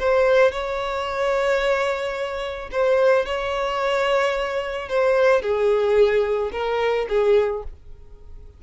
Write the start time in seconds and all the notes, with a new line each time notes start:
0.00 C5
0.52 C#5
2.72 C5
3.26 C#5
4.89 C5
5.42 G#4
6.53 A#4
7.09 G#4